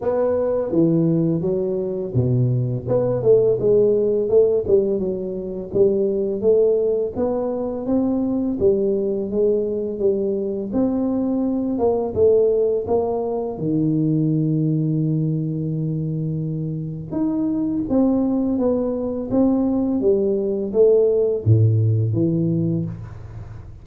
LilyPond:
\new Staff \with { instrumentName = "tuba" } { \time 4/4 \tempo 4 = 84 b4 e4 fis4 b,4 | b8 a8 gis4 a8 g8 fis4 | g4 a4 b4 c'4 | g4 gis4 g4 c'4~ |
c'8 ais8 a4 ais4 dis4~ | dis1 | dis'4 c'4 b4 c'4 | g4 a4 a,4 e4 | }